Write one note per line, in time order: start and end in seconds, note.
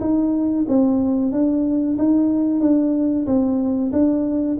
0.00 0.65 D#4
0.68 1.32 C4
1.32 1.97 D4
1.98 2.60 D#4
2.60 3.26 D4
3.26 3.92 C4
3.92 4.58 D4